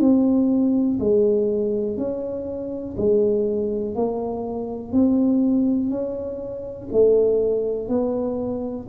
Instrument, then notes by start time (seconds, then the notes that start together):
tuba
0.00 C4
1.00 G#3
1.98 C#4
2.97 G#3
3.96 A#3
4.93 C4
5.90 C#4
6.93 A3
7.89 B3